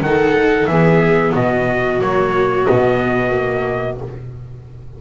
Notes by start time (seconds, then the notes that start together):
0.00 D#3 D#4 A4 F#5
0.67 E3 B3 G#4 E5
1.33 B2 F#4 D#5
2.00 F#3 A#3 C#5
2.66 B2 B3 D#5
3.31 A#3